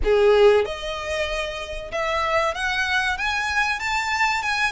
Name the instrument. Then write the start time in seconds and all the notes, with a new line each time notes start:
violin
0.03 G#4
0.65 D#5
1.91 E5
2.54 F#5
3.18 G#5
3.79 A5
4.42 G#5